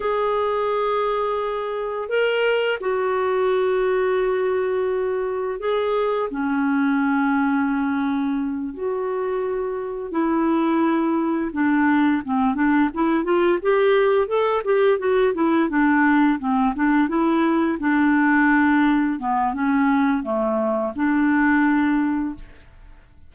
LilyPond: \new Staff \with { instrumentName = "clarinet" } { \time 4/4 \tempo 4 = 86 gis'2. ais'4 | fis'1 | gis'4 cis'2.~ | cis'8 fis'2 e'4.~ |
e'8 d'4 c'8 d'8 e'8 f'8 g'8~ | g'8 a'8 g'8 fis'8 e'8 d'4 c'8 | d'8 e'4 d'2 b8 | cis'4 a4 d'2 | }